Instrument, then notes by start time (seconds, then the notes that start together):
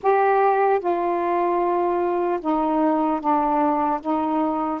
saxophone
0.02 G4
0.79 F4
2.40 D#4
3.20 D4
4.00 D#4